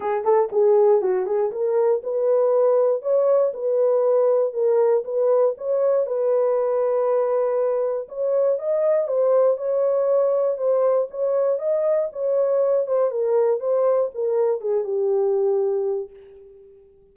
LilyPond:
\new Staff \with { instrumentName = "horn" } { \time 4/4 \tempo 4 = 119 gis'8 a'8 gis'4 fis'8 gis'8 ais'4 | b'2 cis''4 b'4~ | b'4 ais'4 b'4 cis''4 | b'1 |
cis''4 dis''4 c''4 cis''4~ | cis''4 c''4 cis''4 dis''4 | cis''4. c''8 ais'4 c''4 | ais'4 gis'8 g'2~ g'8 | }